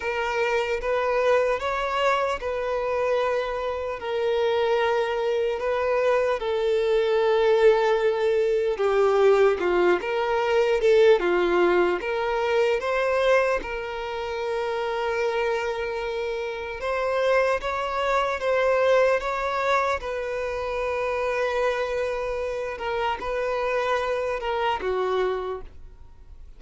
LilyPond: \new Staff \with { instrumentName = "violin" } { \time 4/4 \tempo 4 = 75 ais'4 b'4 cis''4 b'4~ | b'4 ais'2 b'4 | a'2. g'4 | f'8 ais'4 a'8 f'4 ais'4 |
c''4 ais'2.~ | ais'4 c''4 cis''4 c''4 | cis''4 b'2.~ | b'8 ais'8 b'4. ais'8 fis'4 | }